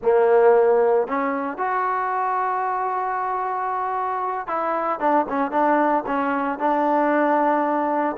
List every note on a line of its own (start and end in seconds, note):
0.02 1.07 A#3
1.07 1.57 C#4
1.57 4.47 F#4
4.47 4.99 E4
4.99 5.26 D4
5.28 5.51 C#4
5.51 6.04 D4
6.06 6.58 C#4
6.58 8.16 D4